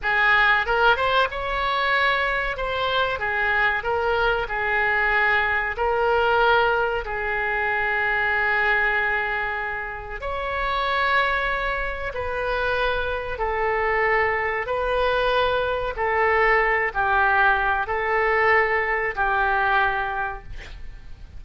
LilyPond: \new Staff \with { instrumentName = "oboe" } { \time 4/4 \tempo 4 = 94 gis'4 ais'8 c''8 cis''2 | c''4 gis'4 ais'4 gis'4~ | gis'4 ais'2 gis'4~ | gis'1 |
cis''2. b'4~ | b'4 a'2 b'4~ | b'4 a'4. g'4. | a'2 g'2 | }